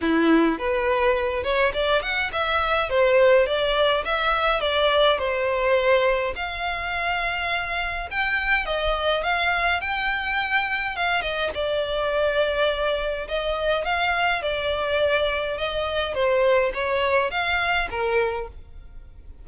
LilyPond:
\new Staff \with { instrumentName = "violin" } { \time 4/4 \tempo 4 = 104 e'4 b'4. cis''8 d''8 fis''8 | e''4 c''4 d''4 e''4 | d''4 c''2 f''4~ | f''2 g''4 dis''4 |
f''4 g''2 f''8 dis''8 | d''2. dis''4 | f''4 d''2 dis''4 | c''4 cis''4 f''4 ais'4 | }